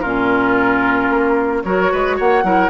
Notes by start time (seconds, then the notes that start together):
0.00 A#2 C#4 F4 A#4
1.09 A#3
1.64 F#3 F#4 A#4 C#5
1.92 G#3 B4
2.16 A#3 C#5 F#5
2.43 F#3 E4 A#4